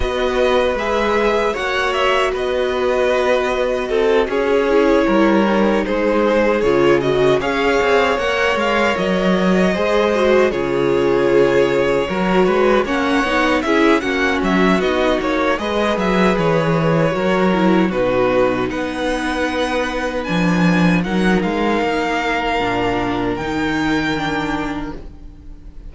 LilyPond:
<<
  \new Staff \with { instrumentName = "violin" } { \time 4/4 \tempo 4 = 77 dis''4 e''4 fis''8 e''8 dis''4~ | dis''4. cis''2 c''8~ | c''8 cis''8 dis''8 f''4 fis''8 f''8 dis''8~ | dis''4. cis''2~ cis''8~ |
cis''8 fis''4 e''8 fis''8 e''8 dis''8 cis''8 | dis''8 e''8 cis''2 b'4 | fis''2 gis''4 fis''8 f''8~ | f''2 g''2 | }
  \new Staff \with { instrumentName = "violin" } { \time 4/4 b'2 cis''4 b'4~ | b'4 a'8 gis'4 ais'4 gis'8~ | gis'4. cis''2~ cis''8~ | cis''8 c''4 gis'2 ais'8 |
b'8 cis''4 gis'8 fis'2 | b'2 ais'4 fis'4 | b'2. ais'4~ | ais'1 | }
  \new Staff \with { instrumentName = "viola" } { \time 4/4 fis'4 gis'4 fis'2~ | fis'2 e'4 dis'4~ | dis'8 f'8 fis'8 gis'4 ais'4.~ | ais'8 gis'8 fis'8 f'2 fis'8~ |
fis'8 cis'8 dis'8 e'8 cis'4 dis'4 | gis'2 fis'8 e'8 dis'4~ | dis'2 d'4 dis'4~ | dis'4 d'4 dis'4 d'4 | }
  \new Staff \with { instrumentName = "cello" } { \time 4/4 b4 gis4 ais4 b4~ | b4 c'8 cis'4 g4 gis8~ | gis8 cis4 cis'8 c'8 ais8 gis8 fis8~ | fis8 gis4 cis2 fis8 |
gis8 ais8 b8 cis'8 ais8 fis8 b8 ais8 | gis8 fis8 e4 fis4 b,4 | b2 f4 fis8 gis8 | ais4 ais,4 dis2 | }
>>